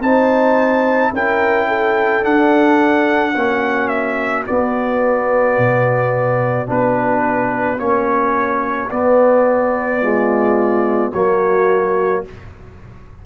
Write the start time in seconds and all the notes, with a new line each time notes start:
0.00 C4 D#4 C5 A5
1.12 C#4 E4 A#4 G5
1.68 A4
2.22 D4 F#5
3.34 A#3 C#4 F#4
3.88 E5
4.45 B3 D5
5.58 B2
6.66 B3 D4 B4
7.78 A#3 C#4 C#5
8.90 B3 D5
10.01 G#3 F4
11.12 F#3 A#3 F#4 C#5